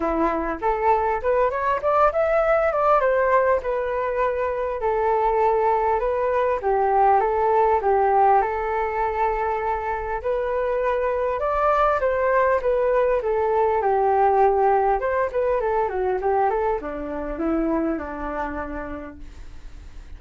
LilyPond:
\new Staff \with { instrumentName = "flute" } { \time 4/4 \tempo 4 = 100 e'4 a'4 b'8 cis''8 d''8 e''8~ | e''8 d''8 c''4 b'2 | a'2 b'4 g'4 | a'4 g'4 a'2~ |
a'4 b'2 d''4 | c''4 b'4 a'4 g'4~ | g'4 c''8 b'8 a'8 fis'8 g'8 a'8 | d'4 e'4 d'2 | }